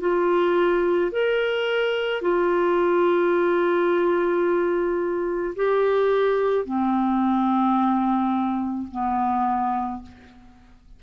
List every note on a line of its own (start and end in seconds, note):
0.00 1.11 F4
1.12 2.22 A#4
2.22 5.55 F4
5.56 6.65 G4
6.65 8.87 C4
8.91 10.03 B3